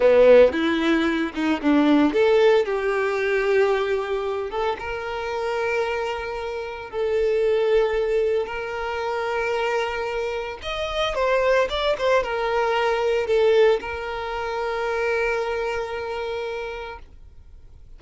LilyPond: \new Staff \with { instrumentName = "violin" } { \time 4/4 \tempo 4 = 113 b4 e'4. dis'8 d'4 | a'4 g'2.~ | g'8 a'8 ais'2.~ | ais'4 a'2. |
ais'1 | dis''4 c''4 d''8 c''8 ais'4~ | ais'4 a'4 ais'2~ | ais'1 | }